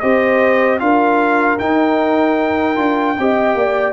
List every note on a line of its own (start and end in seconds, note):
0.00 0.80 C4
0.00 0.80 G4
0.00 0.81 C5
0.00 0.79 D#5
0.79 1.59 D4
0.79 1.59 F4
0.79 3.20 A#4
0.79 1.58 F5
1.59 2.75 D#4
1.59 2.77 D#4
1.59 3.93 G5
2.75 3.17 D4
2.75 3.15 F4
3.18 3.54 C4
3.18 3.93 G4
3.18 3.58 D#5
3.54 3.93 A#3
3.54 3.93 D5